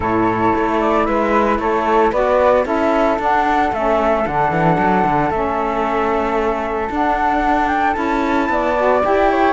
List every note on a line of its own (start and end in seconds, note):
0.00 0.52 A2
0.00 2.12 E4
0.00 1.02 A4
0.00 0.80 C#5
0.55 1.08 A3
0.80 1.05 D5
1.05 1.58 G#3
1.05 1.59 B4
1.05 1.58 E5
1.58 2.11 A3
1.58 2.11 A4
1.58 2.12 C#5
2.11 2.65 B3
2.11 2.64 F#4
2.11 2.64 B4
2.11 2.65 D5
2.64 3.18 C#4
2.64 3.17 E4
2.64 8.49 A4
2.64 3.19 E5
3.18 3.71 D4
3.18 3.72 D4
3.18 3.74 F#5
3.72 4.25 A3
3.72 4.24 C#4
3.72 4.26 E5
4.24 4.50 D3
4.24 5.30 D4
4.24 5.30 F#5
4.50 4.77 E3
4.78 5.04 F#3
5.04 5.30 D3
5.30 6.89 A3
5.30 6.90 C#4
5.30 6.90 E5
6.89 7.96 D4
6.89 7.93 D4
6.89 7.67 F#5
7.67 7.93 G5
7.93 8.49 C#4
7.93 8.73 E4
7.93 9.00 A5
8.49 9.02 B3
8.49 9.31 D5
8.76 9.03 F#4
9.03 9.53 E4
9.03 9.53 G4
9.03 9.53 G5
9.31 9.53 C#5